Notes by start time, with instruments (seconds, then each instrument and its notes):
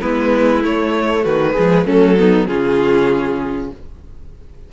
0.00 cello G#3, viola B3, violin E4 B4
0.62 viola A3, cello A3, violin C#5
1.23 cello D#3, violin F#4 B4
1.53 cello F3, viola G#3, violin G#4
1.85 cello F#3, viola A3, violin C#4 A4
2.18 viola B3, violin D#4
2.47 cello C#3, viola C#4, violin F4 G#4